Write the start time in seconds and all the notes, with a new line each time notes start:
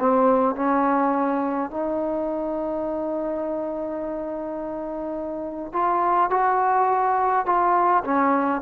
0.00 C4
0.56 C#4
1.71 D#4
5.73 F4
6.31 F#4
7.46 F4
8.05 C#4